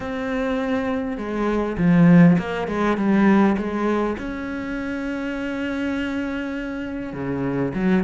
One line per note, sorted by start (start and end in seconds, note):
0.00 1.17 C4
1.17 1.77 G#3
1.77 2.37 F3
2.38 2.67 A#3
2.67 2.97 G#3
2.97 3.56 G3
3.57 4.17 G#3
4.18 7.13 C#4
7.13 7.72 C#3
7.74 8.04 F#3